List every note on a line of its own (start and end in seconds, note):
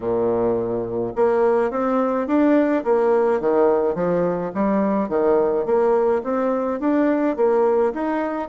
0.00 1.13 A#2
1.15 1.70 A#3
1.70 2.26 C4
2.26 2.83 D4
2.84 3.40 A#3
3.40 3.95 D#3
3.95 4.51 F3
4.54 5.08 G3
5.08 5.65 D#3
5.65 6.22 A#3
6.23 6.80 C4
6.80 7.36 D4
7.36 7.92 A#3
7.93 8.49 D#4